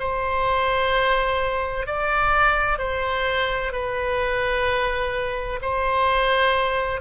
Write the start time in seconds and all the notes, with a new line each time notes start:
0.00 C5
1.87 D5
2.79 C5
3.73 B4
5.62 C5